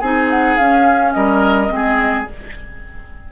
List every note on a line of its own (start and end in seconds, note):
0.00 0.58 C4
0.00 0.60 D#4
0.00 1.14 G#4
0.00 0.28 G#5
0.30 0.57 F#5
0.57 1.15 C#4
0.57 1.69 C#4
0.57 1.13 F5
1.13 1.70 G3
1.13 1.73 A#4
1.13 2.26 D#5
1.69 2.27 G#3
1.69 2.25 C4
1.75 2.32 G#4